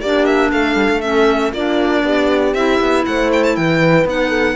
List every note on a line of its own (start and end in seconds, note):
0.00 0.51 A#3
0.00 1.02 D4
0.00 0.51 G4
0.00 0.25 D5
0.25 0.50 E5
0.52 0.75 A3
0.52 1.52 A4
0.52 1.01 F5
0.75 0.88 G3
0.89 1.52 A3
1.01 1.53 C#4
1.01 1.52 E5
1.52 2.03 A#3
1.52 2.56 D4
1.52 2.03 F4
1.52 2.53 D5
2.03 2.54 B3
2.03 3.06 G4
2.53 2.79 C4
2.53 4.06 E4
2.53 3.04 E5
2.80 3.05 B3
3.05 3.57 A3
3.05 3.57 C5
3.05 3.31 F#5
3.32 3.43 G5
3.43 3.56 A5
3.56 4.05 E3
3.56 4.28 B4
3.56 4.06 G5
4.05 4.56 B3
4.05 4.56 D#4
4.05 4.56 F#5
4.28 4.54 A4